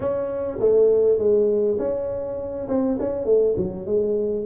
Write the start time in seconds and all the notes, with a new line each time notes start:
0.00 C#4
0.59 A3
1.18 G#3
1.78 C#4
2.68 C4
2.99 C#4
3.25 A3
3.56 F#3
3.86 G#3